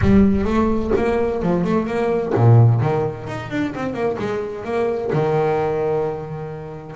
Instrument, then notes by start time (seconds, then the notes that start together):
double bass
0.01 G3
0.44 A3
0.95 A#3
1.42 F3
1.64 A3
1.86 A#3
2.34 A#2
2.80 D#3
3.27 D#4
3.50 D4
3.75 C4
3.93 A#3
4.18 G#3
4.64 A#3
5.13 D#3